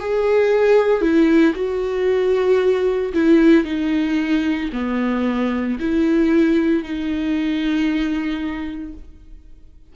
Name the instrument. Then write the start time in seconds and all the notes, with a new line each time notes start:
viola
0.00 G#4
1.02 E4
1.55 F#4
3.14 E4
3.65 D#4
4.73 B3
5.80 E4
6.84 D#4